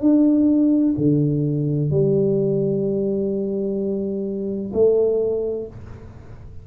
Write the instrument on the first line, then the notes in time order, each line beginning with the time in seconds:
tuba
0.00 D4
0.97 D3
1.90 G3
4.73 A3